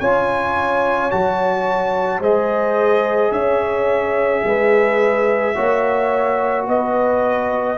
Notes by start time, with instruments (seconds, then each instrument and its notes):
0.00 tuba C#4, trombone F4, horn C#5, trumpet G#5
1.11 tuba F#3, trombone F#4, trumpet A5
2.20 tuba G#3, trombone G#4, horn C5, trumpet D#5
3.32 tuba C#4, horn C#5, trumpet E5
4.45 tuba G#3, horn B4
5.55 tuba A#3, trombone F#4, horn C#5
6.67 tuba B3, horn B4, trumpet D#5